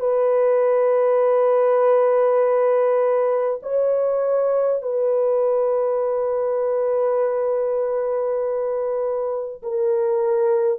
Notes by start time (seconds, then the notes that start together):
0.00 B4
3.63 C#5
4.83 B4
9.63 A#4